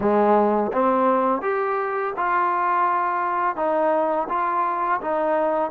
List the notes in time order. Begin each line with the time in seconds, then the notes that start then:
0.00 G#3
0.72 C4
1.41 G4
2.16 F4
3.56 D#4
4.29 F4
5.01 D#4